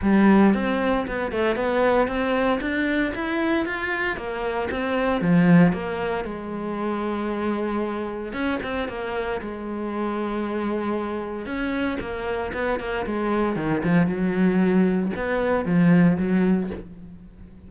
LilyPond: \new Staff \with { instrumentName = "cello" } { \time 4/4 \tempo 4 = 115 g4 c'4 b8 a8 b4 | c'4 d'4 e'4 f'4 | ais4 c'4 f4 ais4 | gis1 |
cis'8 c'8 ais4 gis2~ | gis2 cis'4 ais4 | b8 ais8 gis4 dis8 f8 fis4~ | fis4 b4 f4 fis4 | }